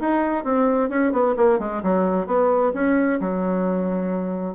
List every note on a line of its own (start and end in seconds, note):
0.00 0.44 D#4
0.44 0.89 C4
0.89 1.12 C#4
1.12 1.35 B3
1.36 1.59 A#3
1.59 1.82 G#3
1.83 2.27 F#3
2.27 2.72 B3
2.74 3.20 C#4
3.20 4.55 F#3